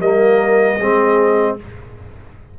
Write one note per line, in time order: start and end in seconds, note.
0.00 0.78 G3
0.00 0.80 A#3
0.00 0.77 A#4
0.00 1.57 D#5
0.77 1.57 G#3
0.77 1.59 C4
0.77 1.55 G#4